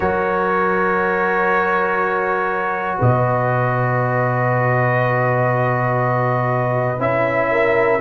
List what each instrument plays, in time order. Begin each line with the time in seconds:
0.00 tuba F#3, trombone F#4, horn A#4, trumpet C#5
2.97 tuba B2, horn B4, trumpet D#5
6.98 tuba C#4, trombone E4, trumpet E5
7.51 horn A#4